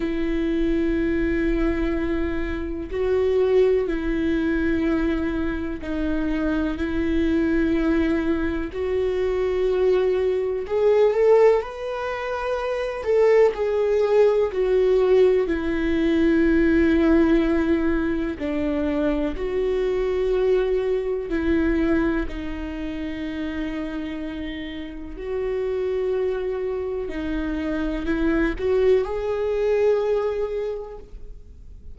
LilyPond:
\new Staff \with { instrumentName = "viola" } { \time 4/4 \tempo 4 = 62 e'2. fis'4 | e'2 dis'4 e'4~ | e'4 fis'2 gis'8 a'8 | b'4. a'8 gis'4 fis'4 |
e'2. d'4 | fis'2 e'4 dis'4~ | dis'2 fis'2 | dis'4 e'8 fis'8 gis'2 | }